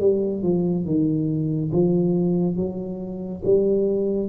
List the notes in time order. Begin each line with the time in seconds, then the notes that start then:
0.00 G3
0.43 F3
0.85 D#3
1.72 F3
2.56 F#3
3.45 G3